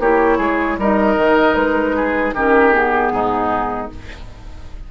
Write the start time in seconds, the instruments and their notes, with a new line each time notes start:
0.00 bassoon A#3, clarinet E4, oboe G4, flute C#5
0.38 bassoon G#3, oboe G#4
0.78 bassoon G3, clarinet D#4, oboe A#4, flute D#5
1.16 bassoon D#3
1.55 bassoon G#3, flute B4
1.96 oboe G#4
2.34 bassoon D#3, clarinet C#4, oboe G4, flute A#4
2.73 clarinet B3, flute G#4
3.12 bassoon G#2, oboe D#4